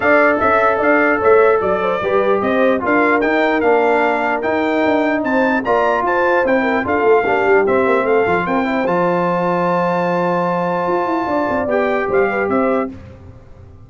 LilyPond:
<<
  \new Staff \with { instrumentName = "trumpet" } { \time 4/4 \tempo 4 = 149 f''4 e''4 f''4 e''4 | d''2 dis''4 f''4 | g''4 f''2 g''4~ | g''4 a''4 ais''4 a''4 |
g''4 f''2 e''4 | f''4 g''4 a''2~ | a''1~ | a''4 g''4 f''4 e''4 | }
  \new Staff \with { instrumentName = "horn" } { \time 4/4 d''4 e''4 d''4 cis''4 | d''8 c''8 b'4 c''4 ais'4~ | ais'1~ | ais'4 c''4 d''4 c''4~ |
c''8 ais'8 a'4 g'2 | a'4 ais'8 c''2~ c''8~ | c''1 | d''2 c''8 b'8 c''4 | }
  \new Staff \with { instrumentName = "trombone" } { \time 4/4 a'1~ | a'4 g'2 f'4 | dis'4 d'2 dis'4~ | dis'2 f'2 |
e'4 f'4 d'4 c'4~ | c'8 f'4 e'8 f'2~ | f'1~ | f'4 g'2. | }
  \new Staff \with { instrumentName = "tuba" } { \time 4/4 d'4 cis'4 d'4 a4 | fis4 g4 c'4 d'4 | dis'4 ais2 dis'4 | d'4 c'4 ais4 f'4 |
c'4 d'8 a8 ais8 g8 c'8 ais8 | a8 f8 c'4 f2~ | f2. f'8 e'8 | d'8 c'8 b4 g4 c'4 | }
>>